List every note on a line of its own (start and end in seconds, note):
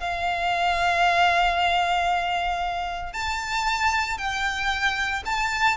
0.00 3.13 F5
3.13 4.18 A5
4.18 5.23 G5
5.25 5.77 A5